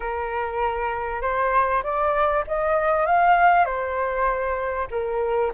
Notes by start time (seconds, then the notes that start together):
0.00 A#4
1.21 C5
1.83 D5
2.47 D#5
3.06 F5
3.65 C5
4.91 A#4